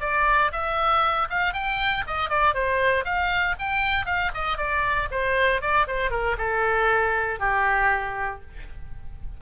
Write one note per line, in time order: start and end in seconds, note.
0.00 0.51 D5
0.52 1.28 E5
1.29 1.53 F5
1.53 2.04 G5
2.07 2.29 D#5
2.29 2.54 D5
2.54 3.04 C5
3.04 3.55 F5
3.58 4.05 G5
4.05 4.31 F5
4.34 4.57 D#5
4.57 5.08 D5
5.11 5.61 C5
5.61 5.86 D5
5.87 6.10 C5
6.10 6.36 A#4
6.38 7.39 A4
7.39 8.41 G4